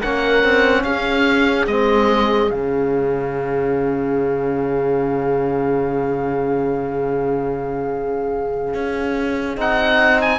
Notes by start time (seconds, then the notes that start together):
0.00 A#3 C#4 A#4 F#5
0.43 C4
0.83 C#4 G#4 F5
1.67 G#3 C4 D#5
2.50 C#3 C#4 F5
8.74 C#4
9.56 C4 D#4 F#5
10.21 G#5